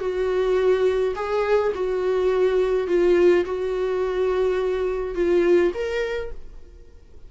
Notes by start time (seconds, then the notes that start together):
0.00 F#4
1.16 G#4
1.74 F#4
2.88 F4
3.45 F#4
5.15 F4
5.74 A#4